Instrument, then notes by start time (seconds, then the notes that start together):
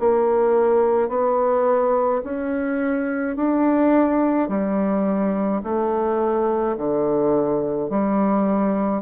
bassoon
0.00 A#3
1.09 B3
2.24 C#4
3.36 D4
4.49 G3
5.63 A3
6.77 D3
7.89 G3